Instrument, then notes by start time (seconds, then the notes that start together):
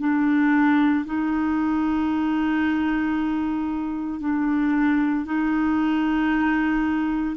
clarinet
0.00 D4
1.06 D#4
4.21 D4
5.26 D#4